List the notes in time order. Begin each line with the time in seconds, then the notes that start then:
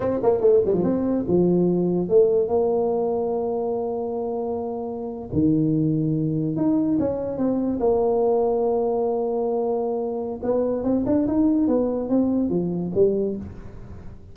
0.00 C4
0.22 A#3
0.41 A3
0.65 G3
0.73 F3
0.83 C4
1.27 F3
2.09 A3
2.48 A#3
5.32 D#3
6.56 D#4
6.99 C#4
7.37 C4
7.80 A#3
10.42 B3
10.83 C4
11.05 D4
11.27 D#4
11.67 B3
12.09 C4
12.49 F3
12.95 G3